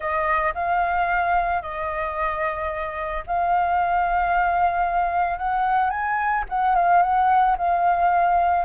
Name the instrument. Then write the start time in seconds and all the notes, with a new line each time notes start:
flute
0.00 D#5
0.54 F5
1.61 D#5
3.26 F5
5.38 F#5
5.90 G#5
6.49 F#5
6.75 F5
7.02 F#5
7.57 F5